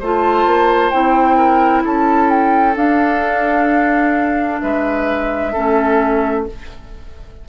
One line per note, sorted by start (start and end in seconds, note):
0.00 0.46 A3
0.00 0.93 F4
0.00 1.37 C5
0.00 0.90 A5
0.46 0.92 A#3
0.90 1.85 C4
0.90 2.75 E4
0.90 1.83 G5
1.37 1.83 A#4
1.84 2.76 C#4
1.84 4.61 A4
1.84 2.30 A5
2.30 2.76 G5
2.75 5.52 D4
2.75 4.61 D4
2.75 4.61 F5
4.61 5.55 G#3
4.61 5.52 B4
4.61 6.45 E5
5.52 6.49 A3
5.52 6.47 C#4
5.52 6.45 A4